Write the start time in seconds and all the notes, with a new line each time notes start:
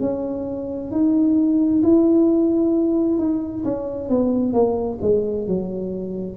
0.00 C#4
0.91 D#4
1.82 E4
3.18 D#4
3.64 C#4
4.09 B3
4.53 A#3
5.01 G#3
5.47 F#3